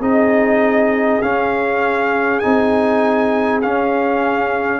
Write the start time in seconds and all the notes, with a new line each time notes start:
0.00 C4 D#4 G#4 D#5
1.22 C#4 F5
2.40 C4 D#4 G#5
3.62 C#4 F5